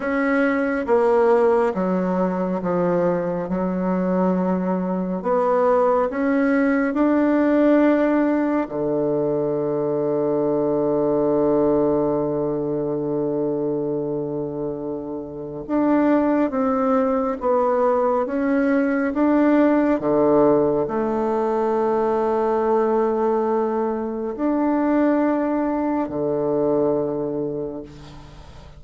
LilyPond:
\new Staff \with { instrumentName = "bassoon" } { \time 4/4 \tempo 4 = 69 cis'4 ais4 fis4 f4 | fis2 b4 cis'4 | d'2 d2~ | d1~ |
d2 d'4 c'4 | b4 cis'4 d'4 d4 | a1 | d'2 d2 | }